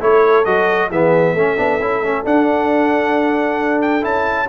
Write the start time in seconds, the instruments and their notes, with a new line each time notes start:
0.00 tuba A3, trombone E4, horn A4, trumpet C#5
0.45 tuba F#3, trombone F#4, trumpet D#5
0.90 tuba E3, trombone B3, horn G#4, trumpet E5
1.34 tuba A3, trombone C#4, horn A4
1.57 tuba B3, trombone D4
1.79 tuba C#4, trombone E4
2.01 tuba A3, trombone C#4
2.24 tuba D4, trombone D4, trumpet F#5
3.81 trumpet G5
4.01 tuba C#4, trombone E4, trumpet A5